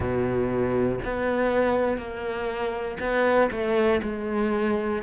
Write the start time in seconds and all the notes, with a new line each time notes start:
0.00 B2
1.04 B3
1.97 A#3
3.00 B3
3.51 A3
4.02 G#3